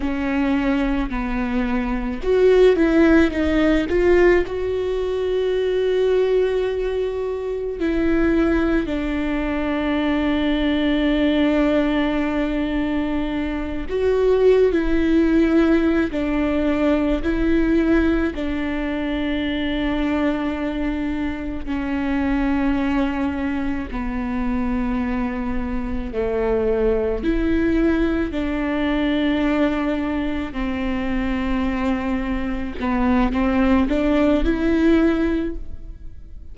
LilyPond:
\new Staff \with { instrumentName = "viola" } { \time 4/4 \tempo 4 = 54 cis'4 b4 fis'8 e'8 dis'8 f'8 | fis'2. e'4 | d'1~ | d'8 fis'8. e'4~ e'16 d'4 e'8~ |
e'8 d'2. cis'8~ | cis'4. b2 a8~ | a8 e'4 d'2 c'8~ | c'4. b8 c'8 d'8 e'4 | }